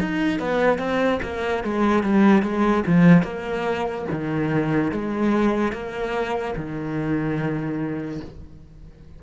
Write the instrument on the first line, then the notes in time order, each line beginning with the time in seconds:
cello
0.00 D#4
0.39 B3
0.78 C4
1.23 A#3
1.64 G#3
2.03 G3
2.42 G#3
2.87 F3
3.23 A#3
4.11 D#3
4.92 G#3
5.72 A#3
6.56 D#3